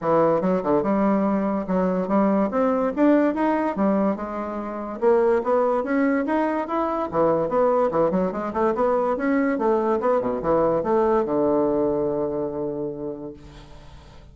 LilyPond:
\new Staff \with { instrumentName = "bassoon" } { \time 4/4 \tempo 4 = 144 e4 fis8 d8 g2 | fis4 g4 c'4 d'4 | dis'4 g4 gis2 | ais4 b4 cis'4 dis'4 |
e'4 e4 b4 e8 fis8 | gis8 a8 b4 cis'4 a4 | b8 b,8 e4 a4 d4~ | d1 | }